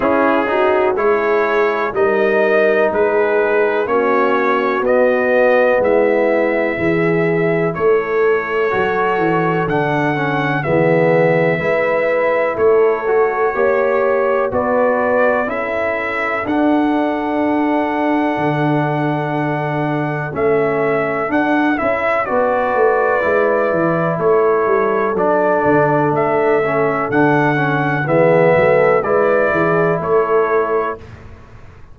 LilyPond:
<<
  \new Staff \with { instrumentName = "trumpet" } { \time 4/4 \tempo 4 = 62 gis'4 cis''4 dis''4 b'4 | cis''4 dis''4 e''2 | cis''2 fis''4 e''4~ | e''4 cis''2 d''4 |
e''4 fis''2.~ | fis''4 e''4 fis''8 e''8 d''4~ | d''4 cis''4 d''4 e''4 | fis''4 e''4 d''4 cis''4 | }
  \new Staff \with { instrumentName = "horn" } { \time 4/4 e'8 fis'8 gis'4 ais'4 gis'4 | fis'2 e'4 gis'4 | a'2. gis'4 | b'4 a'4 cis''4 b'4 |
a'1~ | a'2. b'4~ | b'4 a'2.~ | a'4 gis'8 a'8 b'8 gis'8 a'4 | }
  \new Staff \with { instrumentName = "trombone" } { \time 4/4 cis'8 dis'8 e'4 dis'2 | cis'4 b2 e'4~ | e'4 fis'4 d'8 cis'8 b4 | e'4. fis'8 g'4 fis'4 |
e'4 d'2.~ | d'4 cis'4 d'8 e'8 fis'4 | e'2 d'4. cis'8 | d'8 cis'8 b4 e'2 | }
  \new Staff \with { instrumentName = "tuba" } { \time 4/4 cis'4 gis4 g4 gis4 | ais4 b4 gis4 e4 | a4 fis8 e8 d4 e4 | gis4 a4 ais4 b4 |
cis'4 d'2 d4~ | d4 a4 d'8 cis'8 b8 a8 | gis8 e8 a8 g8 fis8 d8 a4 | d4 e8 fis8 gis8 e8 a4 | }
>>